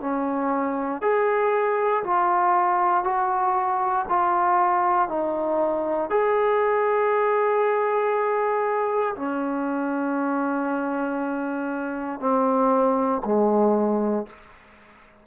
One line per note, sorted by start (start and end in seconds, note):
0.00 1.01 C#4
1.01 2.03 G#4
2.03 3.04 F4
3.04 4.05 F#4
4.09 5.08 F4
5.08 6.10 D#4
6.10 9.15 G#4
9.16 12.20 C#4
12.20 13.22 C4
13.24 14.26 G#3